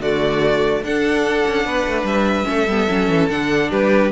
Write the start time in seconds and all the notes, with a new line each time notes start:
0.00 D3 A3 F#4 D5
0.82 D4 A4 F#5
1.47 C#4
1.66 B3 B4
1.87 A3
2.04 G3 E5
2.45 A3 C#4 A4
2.68 G3 B3
2.89 F#3 C#4
3.09 E3
3.30 D3 D4 F#5
3.71 G3 G4 B4